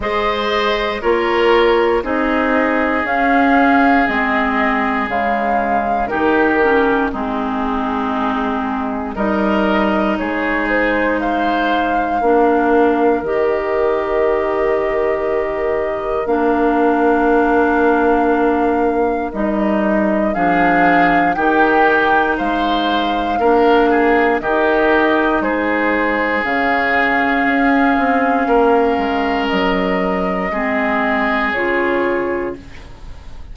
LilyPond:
<<
  \new Staff \with { instrumentName = "flute" } { \time 4/4 \tempo 4 = 59 dis''4 cis''4 dis''4 f''4 | dis''4 f''4 ais'4 gis'4~ | gis'4 dis''4 cis''8 c''8 f''4~ | f''4 dis''2. |
f''2. dis''4 | f''4 g''4 f''2 | dis''4 c''4 f''2~ | f''4 dis''2 cis''4 | }
  \new Staff \with { instrumentName = "oboe" } { \time 4/4 c''4 ais'4 gis'2~ | gis'2 g'4 dis'4~ | dis'4 ais'4 gis'4 c''4 | ais'1~ |
ais'1 | gis'4 g'4 c''4 ais'8 gis'8 | g'4 gis'2. | ais'2 gis'2 | }
  \new Staff \with { instrumentName = "clarinet" } { \time 4/4 gis'4 f'4 dis'4 cis'4 | c'4 gis4 dis'8 cis'8 c'4~ | c'4 dis'2. | d'4 g'2. |
d'2. dis'4 | d'4 dis'2 d'4 | dis'2 cis'2~ | cis'2 c'4 f'4 | }
  \new Staff \with { instrumentName = "bassoon" } { \time 4/4 gis4 ais4 c'4 cis'4 | gis4 cis4 dis4 gis4~ | gis4 g4 gis2 | ais4 dis2. |
ais2. g4 | f4 dis4 gis4 ais4 | dis4 gis4 cis4 cis'8 c'8 | ais8 gis8 fis4 gis4 cis4 | }
>>